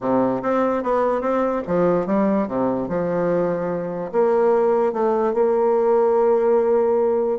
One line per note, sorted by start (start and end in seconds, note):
0.00 0.41 C3
0.42 0.83 C4
0.83 1.21 B3
1.21 1.62 C4
1.67 2.06 F3
2.06 2.47 G3
2.47 2.88 C3
2.88 4.11 F3
4.12 4.92 A#3
4.92 5.33 A3
5.33 7.39 A#3